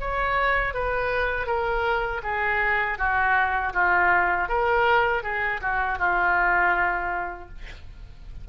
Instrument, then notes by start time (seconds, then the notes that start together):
oboe
0.00 C#5
0.74 B4
1.46 A#4
2.23 G#4
2.98 F#4
3.73 F4
4.48 A#4
5.23 G#4
5.61 F#4
5.99 F4